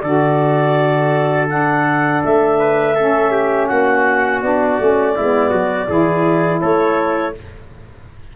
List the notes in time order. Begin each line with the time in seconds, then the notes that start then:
0.00 D3 F#4 A4 D5
1.48 D4 F#5
2.23 A3 E5
2.59 B4
2.95 C#4 A4
3.31 G4
3.67 A#3 F#4 F#5
4.42 B3 D4 D5
4.80 A3 C#4
5.15 G#3 B3 E4
5.49 F#3 F#4
5.88 E3 E4 G#4
6.61 A3 A4 C#5